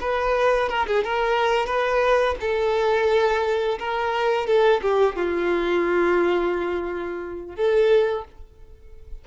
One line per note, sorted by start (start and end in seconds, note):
0.00 0.69 B4
0.69 0.86 A#4
0.86 1.03 G#4
1.03 1.66 A#4
1.66 2.35 B4
2.40 3.78 A4
3.79 4.46 A#4
4.46 4.81 A4
4.81 5.16 G4
5.16 7.55 F4
7.55 8.24 A4